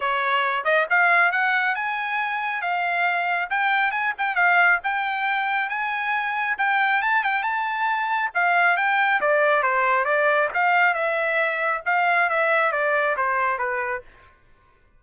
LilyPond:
\new Staff \with { instrumentName = "trumpet" } { \time 4/4 \tempo 4 = 137 cis''4. dis''8 f''4 fis''4 | gis''2 f''2 | g''4 gis''8 g''8 f''4 g''4~ | g''4 gis''2 g''4 |
a''8 g''8 a''2 f''4 | g''4 d''4 c''4 d''4 | f''4 e''2 f''4 | e''4 d''4 c''4 b'4 | }